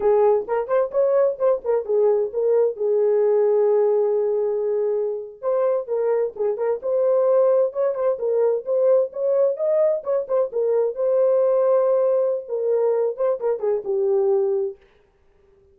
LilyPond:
\new Staff \with { instrumentName = "horn" } { \time 4/4 \tempo 4 = 130 gis'4 ais'8 c''8 cis''4 c''8 ais'8 | gis'4 ais'4 gis'2~ | gis'2.~ gis'8. c''16~ | c''8. ais'4 gis'8 ais'8 c''4~ c''16~ |
c''8. cis''8 c''8 ais'4 c''4 cis''16~ | cis''8. dis''4 cis''8 c''8 ais'4 c''16~ | c''2. ais'4~ | ais'8 c''8 ais'8 gis'8 g'2 | }